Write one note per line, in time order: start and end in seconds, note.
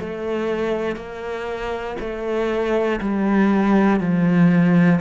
0.00 0.96 A3
0.96 1.96 A#3
2.00 3.00 A3
3.00 4.00 G3
4.00 5.00 F3